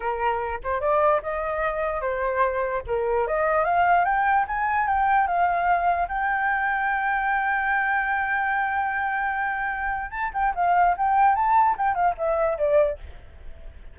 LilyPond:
\new Staff \with { instrumentName = "flute" } { \time 4/4 \tempo 4 = 148 ais'4. c''8 d''4 dis''4~ | dis''4 c''2 ais'4 | dis''4 f''4 g''4 gis''4 | g''4 f''2 g''4~ |
g''1~ | g''1~ | g''4 a''8 g''8 f''4 g''4 | a''4 g''8 f''8 e''4 d''4 | }